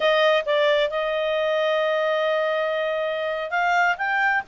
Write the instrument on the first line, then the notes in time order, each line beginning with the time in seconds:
clarinet
0.00 D#5
0.45 D5
0.90 D#5
3.50 F5
3.97 G5